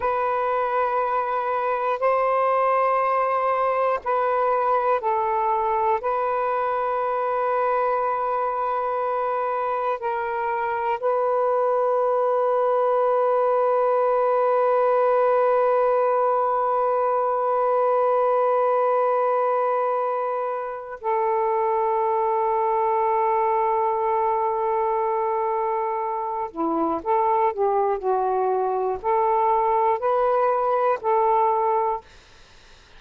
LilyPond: \new Staff \with { instrumentName = "saxophone" } { \time 4/4 \tempo 4 = 60 b'2 c''2 | b'4 a'4 b'2~ | b'2 ais'4 b'4~ | b'1~ |
b'1~ | b'4 a'2.~ | a'2~ a'8 e'8 a'8 g'8 | fis'4 a'4 b'4 a'4 | }